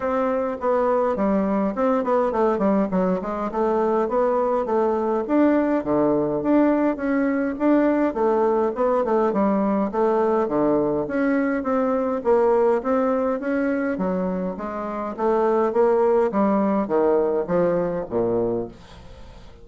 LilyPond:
\new Staff \with { instrumentName = "bassoon" } { \time 4/4 \tempo 4 = 103 c'4 b4 g4 c'8 b8 | a8 g8 fis8 gis8 a4 b4 | a4 d'4 d4 d'4 | cis'4 d'4 a4 b8 a8 |
g4 a4 d4 cis'4 | c'4 ais4 c'4 cis'4 | fis4 gis4 a4 ais4 | g4 dis4 f4 ais,4 | }